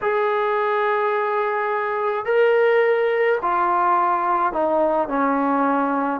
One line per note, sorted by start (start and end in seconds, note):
0.01 2.25 G#4
2.25 3.38 A#4
3.42 4.52 F4
4.52 5.08 D#4
5.08 6.20 C#4